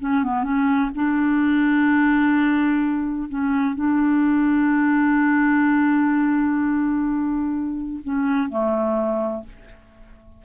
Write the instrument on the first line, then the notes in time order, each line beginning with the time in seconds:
clarinet
0.00 C#4
0.23 B3
0.43 C#4
0.95 D4
3.29 C#4
3.75 D4
8.04 C#4
8.49 A3